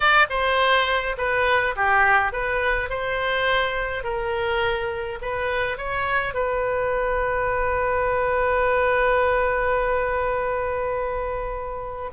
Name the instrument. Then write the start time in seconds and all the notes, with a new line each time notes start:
oboe
0.00 D5
0.29 C5
1.17 B4
1.76 G4
2.32 B4
2.89 C5
4.03 A#4
5.21 B4
5.77 C#5
6.33 B4